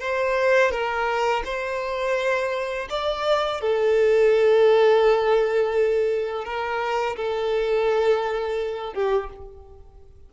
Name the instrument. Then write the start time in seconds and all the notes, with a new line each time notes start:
violin
0.00 C5
0.71 A#4
1.45 C5
2.89 D5
3.61 A4
6.44 A#4
7.16 A4
8.93 G4